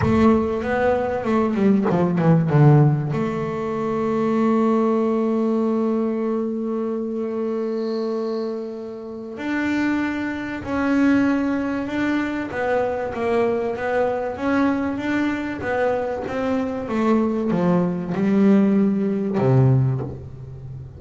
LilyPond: \new Staff \with { instrumentName = "double bass" } { \time 4/4 \tempo 4 = 96 a4 b4 a8 g8 f8 e8 | d4 a2.~ | a1~ | a2. d'4~ |
d'4 cis'2 d'4 | b4 ais4 b4 cis'4 | d'4 b4 c'4 a4 | f4 g2 c4 | }